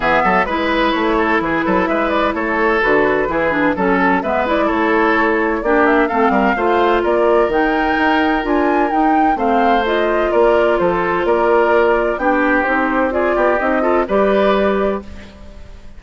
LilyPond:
<<
  \new Staff \with { instrumentName = "flute" } { \time 4/4 \tempo 4 = 128 e''4 b'4 cis''4 b'4 | e''8 d''8 cis''4 b'2 | a'4 e''8 d''8 cis''2 | d''8 e''8 f''2 d''4 |
g''2 gis''4 g''4 | f''4 dis''4 d''4 c''4 | d''2 g''4 c''4 | d''4 dis''4 d''2 | }
  \new Staff \with { instrumentName = "oboe" } { \time 4/4 gis'8 a'8 b'4. a'8 gis'8 a'8 | b'4 a'2 gis'4 | a'4 b'4 a'2 | g'4 a'8 ais'8 c''4 ais'4~ |
ais'1 | c''2 ais'4 a'4 | ais'2 g'2 | gis'8 g'4 a'8 b'2 | }
  \new Staff \with { instrumentName = "clarinet" } { \time 4/4 b4 e'2.~ | e'2 fis'4 e'8 d'8 | cis'4 b8 e'2~ e'8 | d'4 c'4 f'2 |
dis'2 f'4 dis'4 | c'4 f'2.~ | f'2 d'4 dis'4 | f'4 dis'8 f'8 g'2 | }
  \new Staff \with { instrumentName = "bassoon" } { \time 4/4 e8 fis8 gis4 a4 e8 fis8 | gis4 a4 d4 e4 | fis4 gis4 a2 | ais4 a8 g8 a4 ais4 |
dis4 dis'4 d'4 dis'4 | a2 ais4 f4 | ais2 b4 c'4~ | c'8 b8 c'4 g2 | }
>>